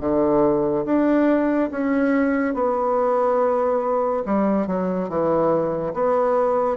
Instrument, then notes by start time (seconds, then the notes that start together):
bassoon
0.00 D3
0.85 D4
1.71 C#4
2.54 B3
4.25 G3
4.67 F#3
5.09 E3
5.93 B3